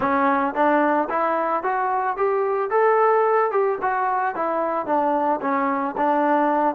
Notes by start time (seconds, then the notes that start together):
0.00 C#4
0.54 D4
1.09 E4
1.63 F#4
2.16 G4
2.70 A4
3.51 G4
3.81 F#4
4.35 E4
4.86 D4
5.41 C#4
5.97 D4